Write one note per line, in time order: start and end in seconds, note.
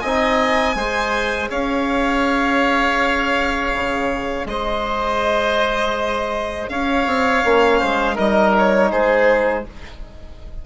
0.00 0.75 C4
0.00 0.76 D#5
0.00 1.48 G#5
0.06 0.75 D#4
0.75 1.49 G#3
0.75 7.41 G#4
0.75 1.50 C5
1.50 3.73 C#4
1.50 4.46 C#5
1.50 4.47 F5
3.73 4.45 C#3
4.45 6.68 G#3
4.45 6.71 C5
4.45 6.69 D#5
6.69 7.06 C#4
6.69 7.79 C#5
6.69 8.17 F5
7.06 7.43 C4
7.42 7.81 A#3
7.42 8.16 C#4
7.79 8.18 G#3
7.79 8.15 C5
8.15 8.92 G3
8.15 9.64 D#4
8.15 8.89 A#4
8.15 8.56 D#5
8.58 8.92 C#5
8.91 9.66 G#3
8.91 9.65 G#4
8.91 9.66 C5